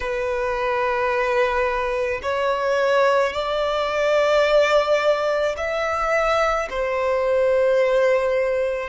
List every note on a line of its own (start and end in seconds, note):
0.00 2.20 B4
2.22 3.33 C#5
3.33 5.55 D5
5.57 6.68 E5
6.70 8.89 C5